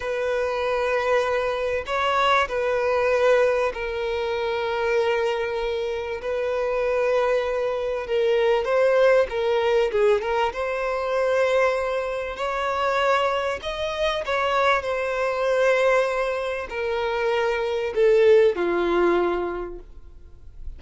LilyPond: \new Staff \with { instrumentName = "violin" } { \time 4/4 \tempo 4 = 97 b'2. cis''4 | b'2 ais'2~ | ais'2 b'2~ | b'4 ais'4 c''4 ais'4 |
gis'8 ais'8 c''2. | cis''2 dis''4 cis''4 | c''2. ais'4~ | ais'4 a'4 f'2 | }